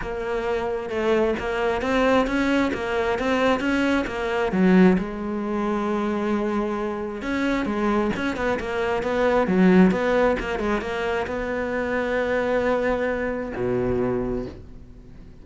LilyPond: \new Staff \with { instrumentName = "cello" } { \time 4/4 \tempo 4 = 133 ais2 a4 ais4 | c'4 cis'4 ais4 c'4 | cis'4 ais4 fis4 gis4~ | gis1 |
cis'4 gis4 cis'8 b8 ais4 | b4 fis4 b4 ais8 gis8 | ais4 b2.~ | b2 b,2 | }